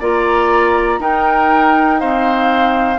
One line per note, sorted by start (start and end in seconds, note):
0.00 0.99 A#3
0.00 1.00 F4
0.00 1.00 D5
0.00 1.02 A#5
0.99 2.99 D#4
0.99 2.00 D#4
0.99 2.00 A#4
0.99 2.00 G5
2.00 2.99 C4
2.00 2.99 C5
2.00 2.99 F5